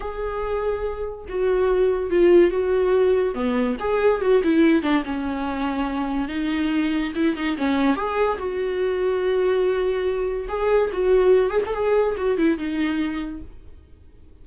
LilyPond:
\new Staff \with { instrumentName = "viola" } { \time 4/4 \tempo 4 = 143 gis'2. fis'4~ | fis'4 f'4 fis'2 | b4 gis'4 fis'8 e'4 d'8 | cis'2. dis'4~ |
dis'4 e'8 dis'8 cis'4 gis'4 | fis'1~ | fis'4 gis'4 fis'4. gis'16 a'16 | gis'4 fis'8 e'8 dis'2 | }